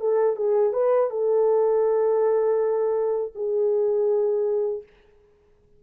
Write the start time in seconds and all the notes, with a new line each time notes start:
0.00 A4
0.36 G#4
0.73 B4
1.10 A4
3.35 G#4